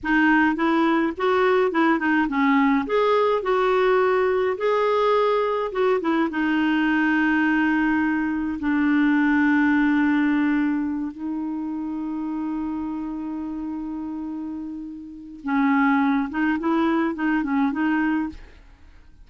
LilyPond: \new Staff \with { instrumentName = "clarinet" } { \time 4/4 \tempo 4 = 105 dis'4 e'4 fis'4 e'8 dis'8 | cis'4 gis'4 fis'2 | gis'2 fis'8 e'8 dis'4~ | dis'2. d'4~ |
d'2.~ d'8 dis'8~ | dis'1~ | dis'2. cis'4~ | cis'8 dis'8 e'4 dis'8 cis'8 dis'4 | }